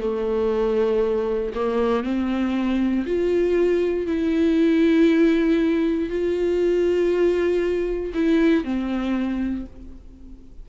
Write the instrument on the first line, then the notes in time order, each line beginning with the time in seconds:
viola
0.00 A3
1.54 A#3
2.03 C4
3.06 F4
4.06 E4
6.09 F4
8.14 E4
8.64 C4